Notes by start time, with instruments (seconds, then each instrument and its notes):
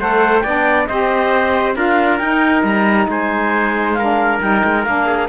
0.00 cello A3, saxophone A4, trumpet C5, clarinet F#5
0.40 cello B3, saxophone D4, trumpet D5, clarinet G5
0.86 cello C4, saxophone G4, trumpet C5, clarinet D#5
1.75 cello D4, saxophone F4, trumpet A#4, clarinet F5
2.19 cello D#4, saxophone D#4, clarinet G5
2.64 cello G3, clarinet A#5
3.08 cello G#3, trumpet C5, clarinet G#5
3.94 trumpet A#4, clarinet F5
4.01 saxophone D4
4.41 cello G3, saxophone D#4, clarinet G5
4.65 cello G#3
4.84 cello A#3, saxophone D4, clarinet F5
5.06 trumpet G#4